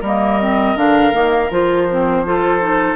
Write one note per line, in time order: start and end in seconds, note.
0.00 0.75 G3
0.00 0.40 A#3
0.00 2.22 A#4
0.00 0.77 D#5
0.40 0.76 C4
0.75 1.12 D3
0.75 1.12 D4
0.75 1.51 F5
1.12 1.50 D#3
1.12 1.49 A#3
1.50 2.96 F3
1.50 1.88 F4
1.50 2.96 C5
1.90 2.25 C4
2.25 2.60 F4
2.25 2.96 A4
2.60 2.96 D#4